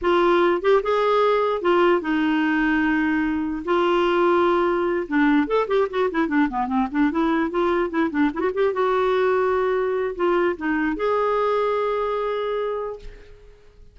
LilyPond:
\new Staff \with { instrumentName = "clarinet" } { \time 4/4 \tempo 4 = 148 f'4. g'8 gis'2 | f'4 dis'2.~ | dis'4 f'2.~ | f'8 d'4 a'8 g'8 fis'8 e'8 d'8 |
b8 c'8 d'8 e'4 f'4 e'8 | d'8 e'16 fis'16 g'8 fis'2~ fis'8~ | fis'4 f'4 dis'4 gis'4~ | gis'1 | }